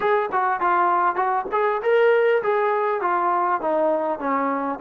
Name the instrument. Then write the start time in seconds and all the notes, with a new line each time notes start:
trombone
0.00 G#4
0.32 F#4
0.60 F4
1.15 F#4
1.51 G#4
1.82 A#4
2.42 G#4
3.01 F4
3.61 D#4
4.19 C#4